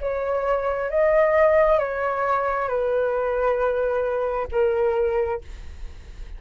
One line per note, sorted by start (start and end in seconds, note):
0.00 0.90 C#5
0.90 1.79 D#5
1.79 2.68 C#5
2.68 4.47 B4
4.51 5.41 A#4